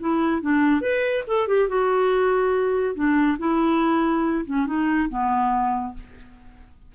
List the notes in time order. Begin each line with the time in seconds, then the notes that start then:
0.00 E4
0.42 D4
0.81 B4
1.27 A4
1.48 G4
1.69 F#4
2.95 D4
3.39 E4
4.45 C#4
4.67 D#4
5.09 B3